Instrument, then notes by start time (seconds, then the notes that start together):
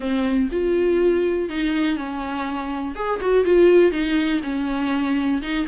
viola
0.00 C4
0.51 F4
1.49 D#4
1.96 C#4
2.95 G#4
3.21 F#4
3.44 F4
3.91 D#4
4.43 C#4
5.42 D#4